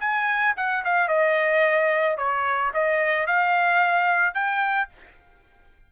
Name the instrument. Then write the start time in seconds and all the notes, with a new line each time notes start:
trumpet
0.00 G#5
0.57 F#5
0.85 F5
1.08 D#5
2.17 C#5
2.74 D#5
3.27 F5
4.35 G5